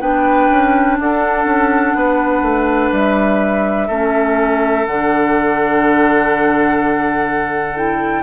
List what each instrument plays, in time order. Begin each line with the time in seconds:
0.00 bassoon B3, clarinet D4, oboe B4, flute G5
0.50 bassoon C#4
0.99 bassoon D4, oboe A4, flute F#5
1.45 bassoon C#4
1.95 bassoon B3, oboe B4
2.42 bassoon A3
2.92 bassoon G3, flute E5
3.87 bassoon A3, clarinet C#4, oboe A4
4.86 bassoon D3, clarinet D4, flute F#5
7.76 clarinet E4, flute G5